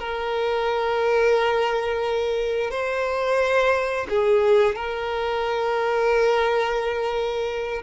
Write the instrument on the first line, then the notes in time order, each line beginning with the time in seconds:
violin
0.00 A#4
2.71 C5
4.10 G#4
4.76 A#4